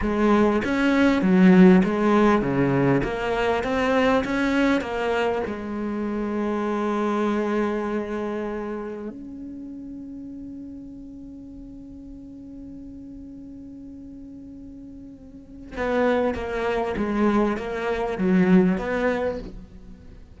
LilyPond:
\new Staff \with { instrumentName = "cello" } { \time 4/4 \tempo 4 = 99 gis4 cis'4 fis4 gis4 | cis4 ais4 c'4 cis'4 | ais4 gis2.~ | gis2. cis'4~ |
cis'1~ | cis'1~ | cis'2 b4 ais4 | gis4 ais4 fis4 b4 | }